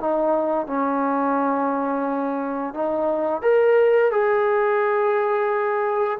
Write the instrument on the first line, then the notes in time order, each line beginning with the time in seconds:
trombone
0.00 D#4
0.67 C#4
2.74 D#4
3.42 A#4
4.11 G#4